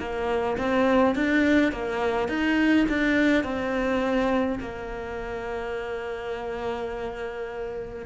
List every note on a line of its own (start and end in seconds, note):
0.00 0.58 A#3
0.58 1.15 C4
1.15 1.72 D4
1.72 2.29 A#3
2.29 2.86 D#4
2.89 3.44 D4
3.44 4.59 C4
4.60 8.06 A#3